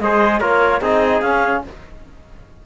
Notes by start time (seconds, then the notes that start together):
0.00 G#3 G#4 C5 D#5
0.40 A#3 F4 A#4 C#5
0.81 C4 D#4 G#4 D#5
1.21 C#4 F5